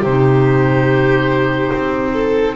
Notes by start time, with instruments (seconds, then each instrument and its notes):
0.00 double bass C3, violin G4, oboe C5
0.06 clarinet D#4
1.74 double bass C4
2.13 violin A4